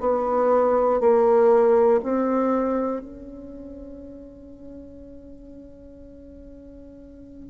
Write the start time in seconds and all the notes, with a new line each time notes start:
0.00 B3
1.00 A#3
2.03 C4
3.00 C#4